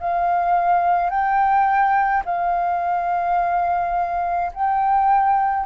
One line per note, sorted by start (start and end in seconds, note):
0.00 1.10 F5
1.10 2.23 G5
2.25 4.51 F5
4.53 5.66 G5